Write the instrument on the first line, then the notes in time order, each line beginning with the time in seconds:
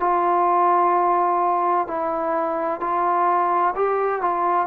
trombone
0.00 F4
1.87 E4
2.80 F4
3.75 G4
4.21 F4